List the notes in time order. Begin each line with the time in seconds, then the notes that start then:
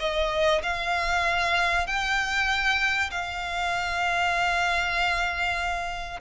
0.00 D#5
0.63 F5
1.87 G5
3.11 F5